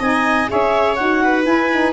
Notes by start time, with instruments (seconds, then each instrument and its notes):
0.00 tuba C4, saxophone D#4, viola D#5, clarinet G#5
0.49 tuba C#4, saxophone G#4, viola C#5, clarinet E5
0.96 tuba D#4, saxophone F#4, clarinet F#5
1.24 viola B4
1.44 saxophone E4, tuba E4, clarinet G#5
1.72 saxophone D#4